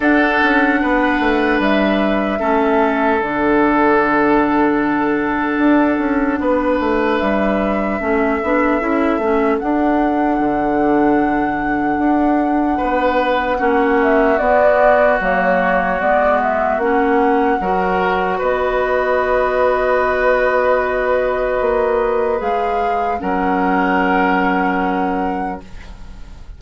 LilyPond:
<<
  \new Staff \with { instrumentName = "flute" } { \time 4/4 \tempo 4 = 75 fis''2 e''2 | fis''1~ | fis''4 e''2. | fis''1~ |
fis''4. e''8 d''4 cis''4 | d''8 e''8 fis''2 dis''4~ | dis''1 | f''4 fis''2. | }
  \new Staff \with { instrumentName = "oboe" } { \time 4/4 a'4 b'2 a'4~ | a'1 | b'2 a'2~ | a'1 |
b'4 fis'2.~ | fis'2 ais'4 b'4~ | b'1~ | b'4 ais'2. | }
  \new Staff \with { instrumentName = "clarinet" } { \time 4/4 d'2. cis'4 | d'1~ | d'2 cis'8 d'8 e'8 cis'8 | d'1~ |
d'4 cis'4 b4 ais4 | b4 cis'4 fis'2~ | fis'1 | gis'4 cis'2. | }
  \new Staff \with { instrumentName = "bassoon" } { \time 4/4 d'8 cis'8 b8 a8 g4 a4 | d2. d'8 cis'8 | b8 a8 g4 a8 b8 cis'8 a8 | d'4 d2 d'4 |
b4 ais4 b4 fis4 | gis4 ais4 fis4 b4~ | b2. ais4 | gis4 fis2. | }
>>